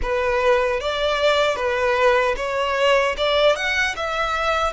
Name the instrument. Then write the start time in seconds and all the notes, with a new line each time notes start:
violin
0.01 B4
0.80 D5
1.56 B4
2.36 C#5
3.17 D5
3.55 F#5
3.96 E5